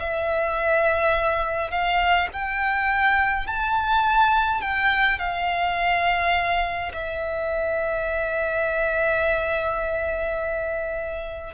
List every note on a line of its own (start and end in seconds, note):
0.00 1.71 E5
1.71 2.29 F5
2.33 3.47 G5
3.47 4.62 A5
4.62 5.19 G5
5.19 6.92 F5
6.93 11.54 E5